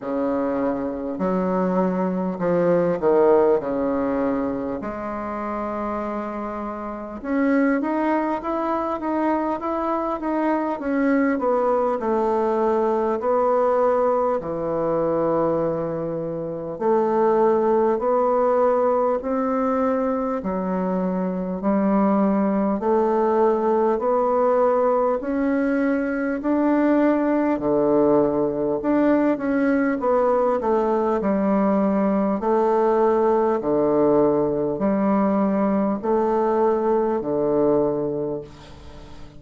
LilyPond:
\new Staff \with { instrumentName = "bassoon" } { \time 4/4 \tempo 4 = 50 cis4 fis4 f8 dis8 cis4 | gis2 cis'8 dis'8 e'8 dis'8 | e'8 dis'8 cis'8 b8 a4 b4 | e2 a4 b4 |
c'4 fis4 g4 a4 | b4 cis'4 d'4 d4 | d'8 cis'8 b8 a8 g4 a4 | d4 g4 a4 d4 | }